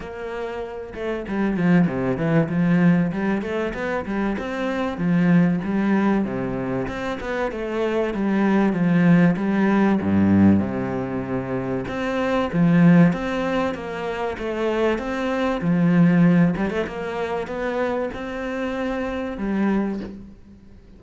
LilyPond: \new Staff \with { instrumentName = "cello" } { \time 4/4 \tempo 4 = 96 ais4. a8 g8 f8 c8 e8 | f4 g8 a8 b8 g8 c'4 | f4 g4 c4 c'8 b8 | a4 g4 f4 g4 |
g,4 c2 c'4 | f4 c'4 ais4 a4 | c'4 f4. g16 a16 ais4 | b4 c'2 g4 | }